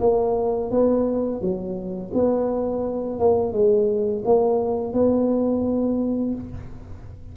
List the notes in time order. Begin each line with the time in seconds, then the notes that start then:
0.00 A#3
0.71 B3
1.41 F#3
2.14 B3
3.19 A#3
3.52 G#3
4.25 A#3
4.93 B3